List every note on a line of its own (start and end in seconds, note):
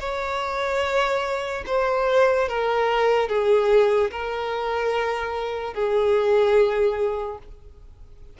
0.00 1.64 C#5
1.67 2.49 C5
2.49 3.29 A#4
3.29 4.11 G#4
4.11 5.74 A#4
5.74 7.38 G#4